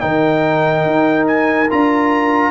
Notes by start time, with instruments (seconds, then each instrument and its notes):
0.00 tuba D#3, trombone D#4, horn A#4, trumpet G5
0.85 tuba D#4
1.27 trumpet G#5
1.70 tuba D4, trombone F4, trumpet A#5